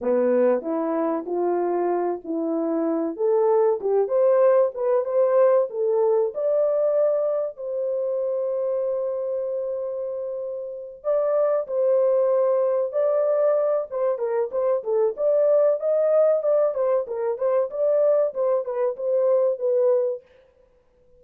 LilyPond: \new Staff \with { instrumentName = "horn" } { \time 4/4 \tempo 4 = 95 b4 e'4 f'4. e'8~ | e'4 a'4 g'8 c''4 b'8 | c''4 a'4 d''2 | c''1~ |
c''4. d''4 c''4.~ | c''8 d''4. c''8 ais'8 c''8 a'8 | d''4 dis''4 d''8 c''8 ais'8 c''8 | d''4 c''8 b'8 c''4 b'4 | }